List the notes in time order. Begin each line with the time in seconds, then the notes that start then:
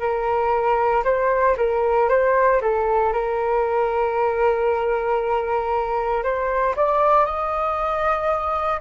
0.00 A#4
1.04 C5
1.57 A#4
2.09 C5
2.61 A4
3.13 A#4
6.24 C5
6.77 D5
7.26 D#5